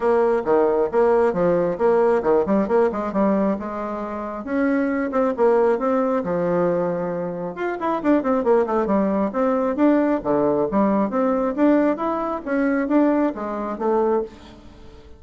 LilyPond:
\new Staff \with { instrumentName = "bassoon" } { \time 4/4 \tempo 4 = 135 ais4 dis4 ais4 f4 | ais4 dis8 g8 ais8 gis8 g4 | gis2 cis'4. c'8 | ais4 c'4 f2~ |
f4 f'8 e'8 d'8 c'8 ais8 a8 | g4 c'4 d'4 d4 | g4 c'4 d'4 e'4 | cis'4 d'4 gis4 a4 | }